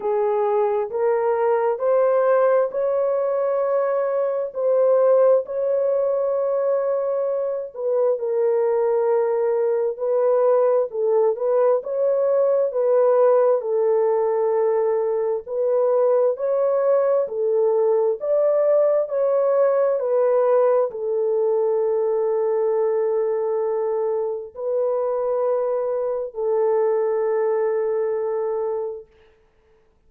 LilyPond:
\new Staff \with { instrumentName = "horn" } { \time 4/4 \tempo 4 = 66 gis'4 ais'4 c''4 cis''4~ | cis''4 c''4 cis''2~ | cis''8 b'8 ais'2 b'4 | a'8 b'8 cis''4 b'4 a'4~ |
a'4 b'4 cis''4 a'4 | d''4 cis''4 b'4 a'4~ | a'2. b'4~ | b'4 a'2. | }